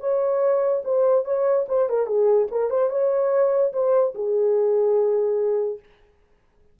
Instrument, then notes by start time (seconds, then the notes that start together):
horn
0.00 C#5
0.84 C5
1.25 C#5
1.68 C5
1.89 A#4
2.06 G#4
2.51 A#4
2.70 C5
2.90 C#5
3.73 C5
4.15 G#4